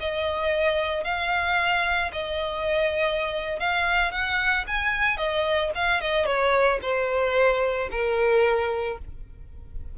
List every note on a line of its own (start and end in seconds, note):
0.00 1.04 D#5
1.04 2.11 F5
2.13 3.60 D#5
3.60 4.12 F5
4.12 4.66 F#5
4.68 5.17 G#5
5.17 5.71 D#5
5.75 6.01 F5
6.01 6.26 D#5
6.26 6.79 C#5
6.82 7.89 C5
7.91 8.98 A#4